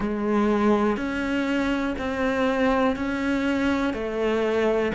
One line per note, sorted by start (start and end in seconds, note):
0.00 0.97 G#3
0.97 1.95 C#4
1.98 2.96 C4
2.96 3.93 C#4
3.93 4.92 A3